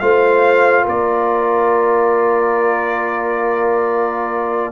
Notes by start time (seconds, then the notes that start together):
0.00 A3 F4 C5 F5
0.83 A#3 A#4 D5